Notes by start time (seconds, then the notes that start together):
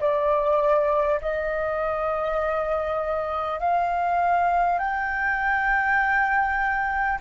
0.00 D5
1.21 D#5
3.59 F5
4.78 G5